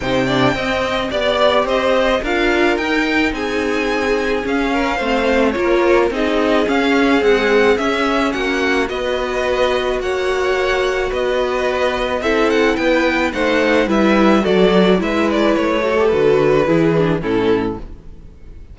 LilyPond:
<<
  \new Staff \with { instrumentName = "violin" } { \time 4/4 \tempo 4 = 108 g''2 d''4 dis''4 | f''4 g''4 gis''2 | f''2 cis''4 dis''4 | f''4 fis''4 e''4 fis''4 |
dis''2 fis''2 | dis''2 e''8 fis''8 g''4 | fis''4 e''4 d''4 e''8 d''8 | cis''4 b'2 a'4 | }
  \new Staff \with { instrumentName = "violin" } { \time 4/4 c''8 d''8 dis''4 d''4 c''4 | ais'2 gis'2~ | gis'8 ais'8 c''4 ais'4 gis'4~ | gis'2. fis'4 |
b'2 cis''2 | b'2 a'4 b'4 | c''4 b'4 a'4 b'4~ | b'8 a'4. gis'4 e'4 | }
  \new Staff \with { instrumentName = "viola" } { \time 4/4 dis'8 d'8 c'4 g'2 | f'4 dis'2. | cis'4 c'4 f'4 dis'4 | cis'4 gis4 cis'2 |
fis'1~ | fis'2 e'2 | dis'4 e'4 fis'4 e'4~ | e'8 fis'16 g'16 fis'4 e'8 d'8 cis'4 | }
  \new Staff \with { instrumentName = "cello" } { \time 4/4 c4 c'4 b4 c'4 | d'4 dis'4 c'2 | cis'4 a4 ais4 c'4 | cis'4 c'4 cis'4 ais4 |
b2 ais2 | b2 c'4 b4 | a4 g4 fis4 gis4 | a4 d4 e4 a,4 | }
>>